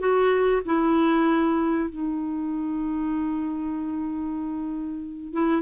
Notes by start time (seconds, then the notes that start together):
0.00 F#4
0.66 E4
1.90 D#4
5.33 E4